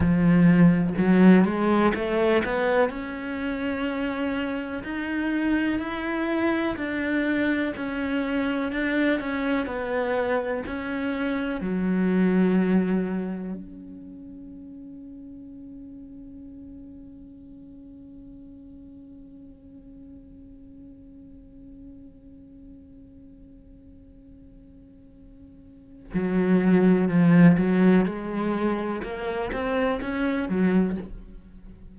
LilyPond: \new Staff \with { instrumentName = "cello" } { \time 4/4 \tempo 4 = 62 f4 fis8 gis8 a8 b8 cis'4~ | cis'4 dis'4 e'4 d'4 | cis'4 d'8 cis'8 b4 cis'4 | fis2 cis'2~ |
cis'1~ | cis'1~ | cis'2. fis4 | f8 fis8 gis4 ais8 c'8 cis'8 fis8 | }